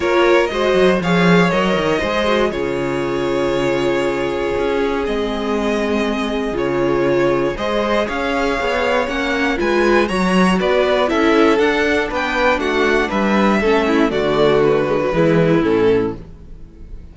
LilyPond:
<<
  \new Staff \with { instrumentName = "violin" } { \time 4/4 \tempo 4 = 119 cis''4 dis''4 f''4 dis''4~ | dis''4 cis''2.~ | cis''2 dis''2~ | dis''4 cis''2 dis''4 |
f''2 fis''4 gis''4 | ais''4 d''4 e''4 fis''4 | g''4 fis''4 e''2 | d''4 b'2 a'4 | }
  \new Staff \with { instrumentName = "violin" } { \time 4/4 ais'4 c''4 cis''2 | c''4 gis'2.~ | gis'1~ | gis'2. c''4 |
cis''2. b'4 | cis''4 b'4 a'2 | b'4 fis'4 b'4 a'8 e'8 | fis'2 e'2 | }
  \new Staff \with { instrumentName = "viola" } { \time 4/4 f'4 fis'4 gis'4 ais'4 | gis'8 fis'8 f'2.~ | f'2 c'2~ | c'4 f'2 gis'4~ |
gis'2 cis'4 f'4 | fis'2 e'4 d'4~ | d'2. cis'4 | a4. gis16 fis16 gis4 cis'4 | }
  \new Staff \with { instrumentName = "cello" } { \time 4/4 ais4 gis8 fis8 f4 fis8 dis8 | gis4 cis2.~ | cis4 cis'4 gis2~ | gis4 cis2 gis4 |
cis'4 b4 ais4 gis4 | fis4 b4 cis'4 d'4 | b4 a4 g4 a4 | d2 e4 a,4 | }
>>